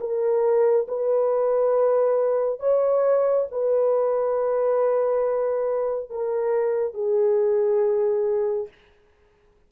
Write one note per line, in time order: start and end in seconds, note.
0.00 0.87 A#4
0.88 2.60 B4
2.60 3.47 C#5
3.51 6.10 B4
6.10 6.94 A#4
6.94 8.68 G#4